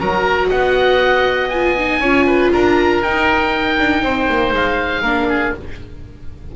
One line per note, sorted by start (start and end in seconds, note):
0.00 0.51 F#3
0.00 1.51 F#4
0.00 0.48 A#4
0.00 0.50 A#5
0.48 1.99 B3
0.48 1.99 D#5
0.48 1.49 F#5
1.49 1.78 F4
1.49 2.49 G#5
1.78 2.03 D#4
1.99 2.50 C#4
1.99 3.04 F4
1.99 2.26 C#5
2.27 2.52 B4
2.53 3.03 D4
2.53 4.04 A#4
2.53 3.03 A#5
3.03 3.78 D#4
3.03 5.04 D#4
3.03 4.54 G5
3.79 4.03 D4
4.03 4.28 C4
4.03 5.02 C5
4.29 4.52 A#3
4.52 5.02 G#3
4.52 5.56 F5
5.02 5.53 A#3
5.02 5.55 D4
5.02 5.27 A#4
5.29 5.54 G#4